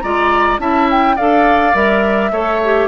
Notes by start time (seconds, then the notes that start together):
0.00 G#3 F4 D5 A#5
0.59 C#4 E4 E5 A5
0.91 G5
1.16 D4 A4 D5 F5
1.73 G3 A#4 E5
2.31 A3 A4 C#5
2.64 G4